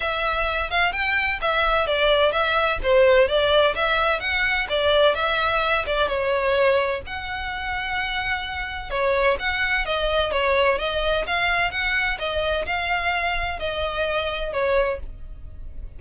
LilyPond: \new Staff \with { instrumentName = "violin" } { \time 4/4 \tempo 4 = 128 e''4. f''8 g''4 e''4 | d''4 e''4 c''4 d''4 | e''4 fis''4 d''4 e''4~ | e''8 d''8 cis''2 fis''4~ |
fis''2. cis''4 | fis''4 dis''4 cis''4 dis''4 | f''4 fis''4 dis''4 f''4~ | f''4 dis''2 cis''4 | }